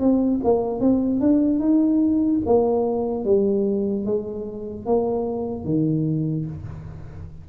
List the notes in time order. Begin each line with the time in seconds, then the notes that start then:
0.00 C4
0.44 A#3
0.81 C4
1.21 D4
1.60 D#4
2.46 A#3
3.25 G3
4.06 G#3
4.86 A#3
5.65 D#3